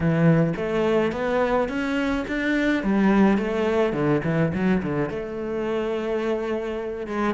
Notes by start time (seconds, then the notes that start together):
0.00 E3
0.56 A3
1.12 B3
1.68 C#4
2.27 D4
2.83 G3
3.37 A3
3.93 D3
4.24 E3
4.54 F#3
4.82 D3
5.09 A3
7.07 G#3